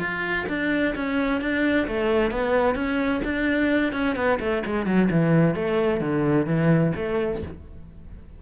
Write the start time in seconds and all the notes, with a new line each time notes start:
0.00 F4
0.49 D4
0.96 C#4
1.41 D4
1.88 A3
2.32 B3
2.75 C#4
3.25 D4
3.93 C#4
4.16 B3
4.40 A3
4.66 G#3
4.87 F#3
5.11 E3
5.55 A3
6.01 D3
6.47 E3
6.97 A3